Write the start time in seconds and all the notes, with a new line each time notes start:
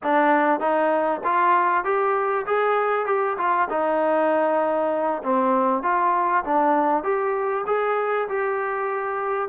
0.03 D4
0.60 D#4
1.24 F4
1.84 G4
2.46 G#4
3.06 G4
3.37 F4
3.69 D#4
5.23 C4
5.82 F4
6.44 D4
7.03 G4
7.66 G#4
8.28 G4